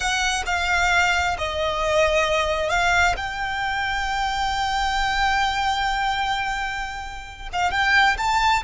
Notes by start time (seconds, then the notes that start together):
0.00 F#5
0.46 F5
1.38 D#5
2.69 F5
3.17 G5
7.52 F5
7.71 G5
8.17 A5